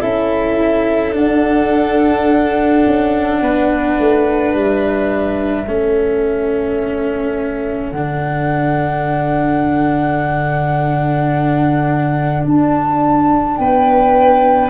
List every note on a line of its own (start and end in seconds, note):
0.00 1.15 C#4
0.00 1.12 E4
0.00 3.40 A4
0.00 1.14 E5
1.12 5.65 D4
1.12 2.85 D4
1.12 4.54 F#5
2.86 3.42 C#4
3.42 3.98 B3
3.42 5.65 B4
3.99 4.54 A3
4.54 5.67 G3
4.54 7.91 E5
5.65 7.92 A3
5.65 7.94 C#4
5.65 13.58 A4
7.91 12.45 D3
7.91 14.70 D4
7.91 12.44 F#5
12.45 13.58 D4
12.45 13.57 A5
13.57 14.70 B3
13.57 14.70 B4
13.57 14.70 G5